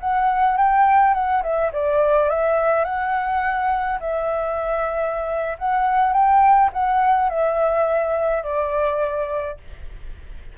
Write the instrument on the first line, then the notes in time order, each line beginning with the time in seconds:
flute
0.00 F#5
0.57 G5
1.14 F#5
1.43 E5
1.73 D5
2.30 E5
2.85 F#5
4.00 E5
5.59 F#5
6.13 G5
6.73 F#5
7.29 E5
8.43 D5